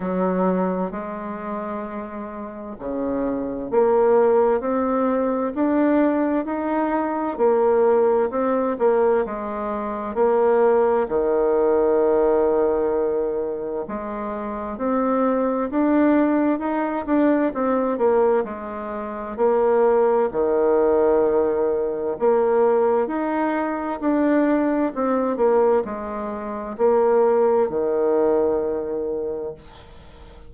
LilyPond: \new Staff \with { instrumentName = "bassoon" } { \time 4/4 \tempo 4 = 65 fis4 gis2 cis4 | ais4 c'4 d'4 dis'4 | ais4 c'8 ais8 gis4 ais4 | dis2. gis4 |
c'4 d'4 dis'8 d'8 c'8 ais8 | gis4 ais4 dis2 | ais4 dis'4 d'4 c'8 ais8 | gis4 ais4 dis2 | }